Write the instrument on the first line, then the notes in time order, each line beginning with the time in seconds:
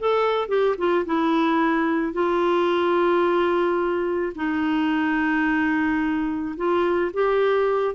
clarinet
0.00 A4
0.49 G4
0.78 F4
1.06 E4
2.13 F4
4.36 D#4
6.57 F4
7.14 G4